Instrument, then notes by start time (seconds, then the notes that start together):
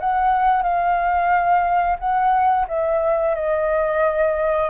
flute
0.00 F#5
0.63 F5
1.99 F#5
2.68 E5
3.36 D#5